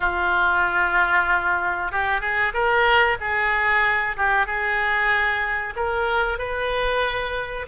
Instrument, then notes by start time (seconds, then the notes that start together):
oboe
0.00 F4
1.91 G4
2.21 G#4
2.53 A#4
3.20 G#4
4.16 G4
4.46 G#4
5.76 A#4
6.38 B4